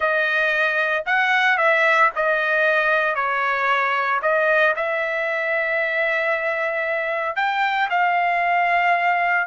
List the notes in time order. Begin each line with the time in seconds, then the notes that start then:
0.00 D#5
1.06 F#5
1.57 E5
2.15 D#5
3.15 C#5
4.22 D#5
4.75 E5
7.36 G5
7.89 F5